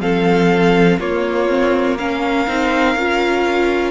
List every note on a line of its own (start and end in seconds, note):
0.00 0.98 F3
0.00 0.99 C4
0.00 0.99 A4
0.00 0.99 F5
0.99 2.46 A#3
0.99 1.48 A#3
0.99 1.98 F4
0.99 1.97 C#5
1.48 1.97 C4
1.97 2.47 C#4
1.97 3.91 A#4
1.97 3.91 F5
2.47 2.95 C4
2.47 2.96 D#4
2.95 3.91 C#4
2.95 3.91 F4